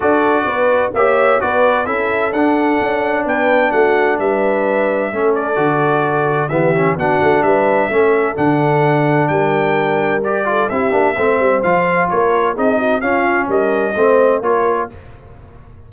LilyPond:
<<
  \new Staff \with { instrumentName = "trumpet" } { \time 4/4 \tempo 4 = 129 d''2 e''4 d''4 | e''4 fis''2 g''4 | fis''4 e''2~ e''8 d''8~ | d''2 e''4 fis''4 |
e''2 fis''2 | g''2 d''4 e''4~ | e''4 f''4 cis''4 dis''4 | f''4 dis''2 cis''4 | }
  \new Staff \with { instrumentName = "horn" } { \time 4/4 a'4 b'4 cis''4 b'4 | a'2. b'4 | fis'4 b'2 a'4~ | a'2 g'4 fis'4 |
b'4 a'2. | ais'2~ ais'8 a'8 g'4 | c''2 ais'4 gis'8 fis'8 | f'4 ais'4 c''4 ais'4 | }
  \new Staff \with { instrumentName = "trombone" } { \time 4/4 fis'2 g'4 fis'4 | e'4 d'2.~ | d'2. cis'4 | fis'2 b8 cis'8 d'4~ |
d'4 cis'4 d'2~ | d'2 g'8 f'8 e'8 d'8 | c'4 f'2 dis'4 | cis'2 c'4 f'4 | }
  \new Staff \with { instrumentName = "tuba" } { \time 4/4 d'4 b4 ais4 b4 | cis'4 d'4 cis'4 b4 | a4 g2 a4 | d2 e4 b8 a8 |
g4 a4 d2 | g2. c'8 ais8 | a8 g8 f4 ais4 c'4 | cis'4 g4 a4 ais4 | }
>>